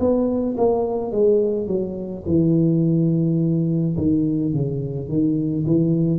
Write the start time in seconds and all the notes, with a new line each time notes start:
0.00 B3
0.58 A#3
1.12 G#3
1.68 F#3
2.27 E3
3.98 D#3
4.53 C#3
5.09 D#3
5.67 E3